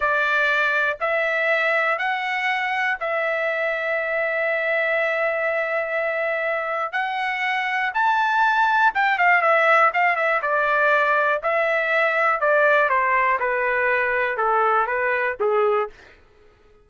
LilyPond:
\new Staff \with { instrumentName = "trumpet" } { \time 4/4 \tempo 4 = 121 d''2 e''2 | fis''2 e''2~ | e''1~ | e''2 fis''2 |
a''2 g''8 f''8 e''4 | f''8 e''8 d''2 e''4~ | e''4 d''4 c''4 b'4~ | b'4 a'4 b'4 gis'4 | }